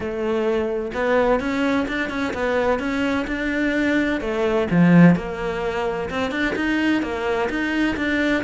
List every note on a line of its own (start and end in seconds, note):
0.00 0.91 A3
0.94 1.39 B3
1.39 1.86 C#4
1.88 2.09 D4
2.09 2.33 C#4
2.33 2.79 B3
2.79 3.26 C#4
3.27 4.20 D4
4.20 4.67 A3
4.70 5.15 F3
5.15 6.09 A#3
6.10 6.31 C4
6.31 6.54 D4
6.55 7.02 D#4
7.02 7.49 A#3
7.49 7.96 D#4
7.96 8.43 D4